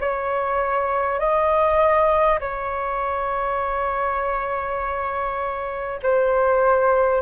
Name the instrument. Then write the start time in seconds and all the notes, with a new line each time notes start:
flute
0.00 C#5
1.19 D#5
2.40 C#5
6.02 C5